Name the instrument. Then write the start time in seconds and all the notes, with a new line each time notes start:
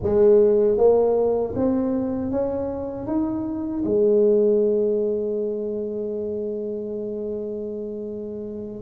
tuba
0.02 G#3
0.77 A#3
1.55 C4
2.31 C#4
3.06 D#4
3.85 G#3